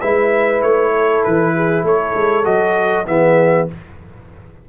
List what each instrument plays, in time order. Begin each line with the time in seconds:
0.00 tuba G#3, trombone E4, horn B4, trumpet E5
0.62 tuba A3, trumpet C#5
0.93 horn A4
1.24 tuba E3, trumpet B4
1.55 horn G#4
1.84 tuba A3, horn A4, trumpet C#5
2.15 tuba G#3
2.44 tuba F#3, trombone F#4, trumpet D#5
3.07 tuba E3, trombone B3, horn G#4, trumpet E5